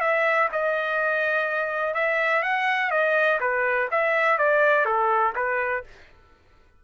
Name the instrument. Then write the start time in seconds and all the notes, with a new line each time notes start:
trumpet
0.00 E5
0.52 D#5
1.94 E5
2.42 F#5
2.90 D#5
3.40 B4
3.91 E5
4.38 D5
4.85 A4
5.35 B4